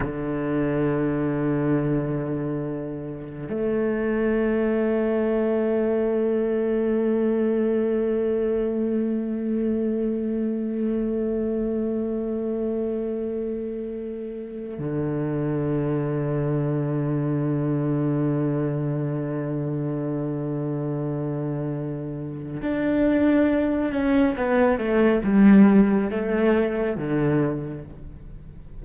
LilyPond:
\new Staff \with { instrumentName = "cello" } { \time 4/4 \tempo 4 = 69 d1 | a1~ | a1~ | a1~ |
a4 d2.~ | d1~ | d2 d'4. cis'8 | b8 a8 g4 a4 d4 | }